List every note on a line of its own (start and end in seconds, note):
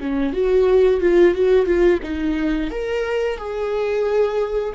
0.00 0.33 C#4
0.33 1.00 F#4
1.00 1.35 F4
1.35 1.65 F#4
1.65 2.00 F4
2.03 2.71 D#4
2.71 3.37 A#4
3.37 4.74 G#4